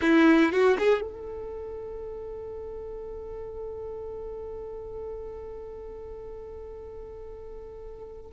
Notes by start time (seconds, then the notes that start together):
0.01 E4
0.52 F#4
0.78 G#4
1.01 A4